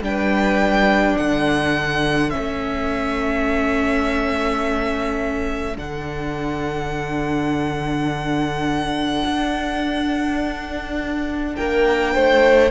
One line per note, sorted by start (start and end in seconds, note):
0.00 1.15 G3
0.00 2.30 D4
0.00 1.17 B4
0.00 1.17 G5
1.17 2.34 D3
1.17 11.55 A4
1.17 2.30 F#5
2.30 5.75 C#4
2.30 5.76 E5
2.37 5.77 A3
5.75 9.23 D3
5.75 12.68 D4
5.75 11.55 F#5
9.25 11.55 D4
11.55 12.15 A#3
11.55 12.14 A#4
11.55 12.70 G5
12.14 12.71 A3
12.14 12.71 C5